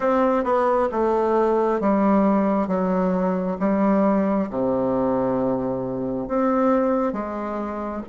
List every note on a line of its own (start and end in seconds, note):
0.00 0.44 C4
0.44 0.88 B3
0.91 1.80 A3
1.80 2.67 G3
2.67 3.57 F#3
3.59 4.49 G3
4.50 6.27 C3
6.27 7.12 C4
7.12 8.02 G#3